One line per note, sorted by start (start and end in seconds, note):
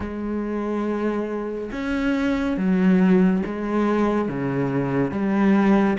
0.00 1.70 G#3
1.71 2.57 C#4
2.57 3.42 F#3
3.45 4.28 G#3
4.28 5.11 C#3
5.11 5.96 G3